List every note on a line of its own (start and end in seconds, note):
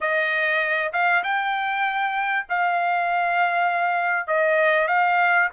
0.00 0.92 D#5
0.92 1.23 F5
1.23 2.46 G5
2.49 4.27 F5
4.27 4.88 D#5
4.88 5.49 F5